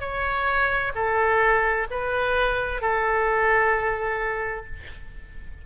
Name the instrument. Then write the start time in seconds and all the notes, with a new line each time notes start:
oboe
0.00 C#5
0.95 A4
1.90 B4
2.81 A4